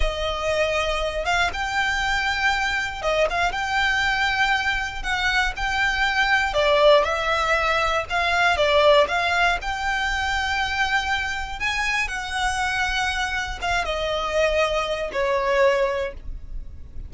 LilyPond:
\new Staff \with { instrumentName = "violin" } { \time 4/4 \tempo 4 = 119 dis''2~ dis''8 f''8 g''4~ | g''2 dis''8 f''8 g''4~ | g''2 fis''4 g''4~ | g''4 d''4 e''2 |
f''4 d''4 f''4 g''4~ | g''2. gis''4 | fis''2. f''8 dis''8~ | dis''2 cis''2 | }